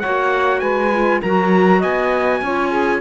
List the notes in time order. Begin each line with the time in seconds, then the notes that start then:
0.00 A#3 F#4 C#5 F#5
0.60 G#3 B4 G#5
0.92 F4
1.20 F#3 F#4 A#4 A#5
1.79 B3 D#5 G#5
2.42 C#4 F4 C#5
2.70 G#4